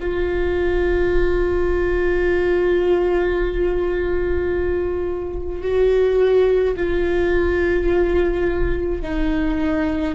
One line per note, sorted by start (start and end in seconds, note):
0.00 5.61 F4
5.61 6.75 F#4
6.77 9.02 F4
9.02 10.15 D#4